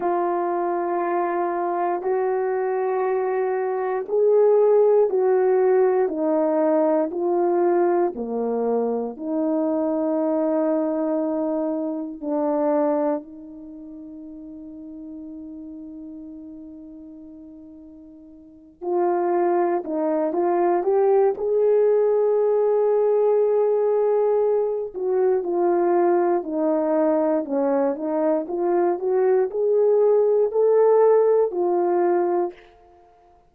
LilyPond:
\new Staff \with { instrumentName = "horn" } { \time 4/4 \tempo 4 = 59 f'2 fis'2 | gis'4 fis'4 dis'4 f'4 | ais4 dis'2. | d'4 dis'2.~ |
dis'2~ dis'8 f'4 dis'8 | f'8 g'8 gis'2.~ | gis'8 fis'8 f'4 dis'4 cis'8 dis'8 | f'8 fis'8 gis'4 a'4 f'4 | }